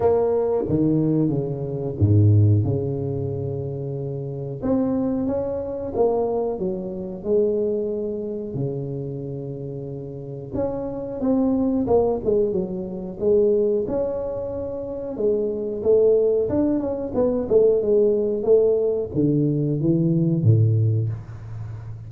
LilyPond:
\new Staff \with { instrumentName = "tuba" } { \time 4/4 \tempo 4 = 91 ais4 dis4 cis4 gis,4 | cis2. c'4 | cis'4 ais4 fis4 gis4~ | gis4 cis2. |
cis'4 c'4 ais8 gis8 fis4 | gis4 cis'2 gis4 | a4 d'8 cis'8 b8 a8 gis4 | a4 d4 e4 a,4 | }